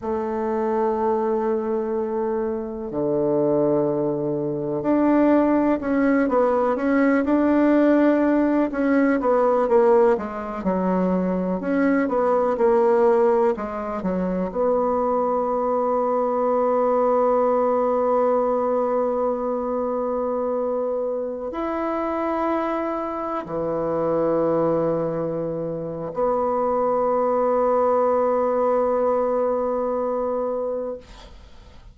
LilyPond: \new Staff \with { instrumentName = "bassoon" } { \time 4/4 \tempo 4 = 62 a2. d4~ | d4 d'4 cis'8 b8 cis'8 d'8~ | d'4 cis'8 b8 ais8 gis8 fis4 | cis'8 b8 ais4 gis8 fis8 b4~ |
b1~ | b2~ b16 e'4.~ e'16~ | e'16 e2~ e8. b4~ | b1 | }